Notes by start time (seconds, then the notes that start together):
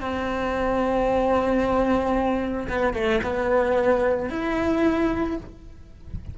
0.00 C4
2.68 B3
2.94 A3
3.23 B3
4.30 E4